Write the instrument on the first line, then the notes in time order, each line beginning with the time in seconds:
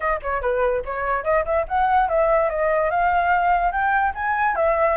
flute
0.00 D#5
0.22 C#5
0.41 B4
0.85 C#5
1.24 D#5
1.45 E5
1.67 F#5
2.08 E5
2.49 D#5
2.90 F5
3.71 G5
4.15 G#5
4.55 E5